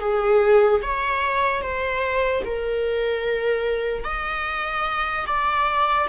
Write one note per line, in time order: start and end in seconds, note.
0.00 0.81 G#4
0.83 1.62 C#5
1.62 2.43 C5
2.45 4.04 A#4
4.04 5.26 D#5
5.27 6.08 D5